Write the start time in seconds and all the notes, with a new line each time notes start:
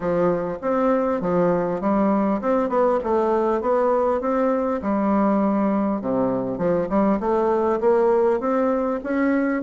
0.00 F3
0.61 C4
1.21 F3
1.81 G3
2.41 C4
2.69 B3
3.03 A3
3.61 B3
4.20 C4
4.82 G3
6.01 C3
6.58 F3
6.89 G3
7.20 A3
7.80 A#3
8.39 C4
9.03 C#4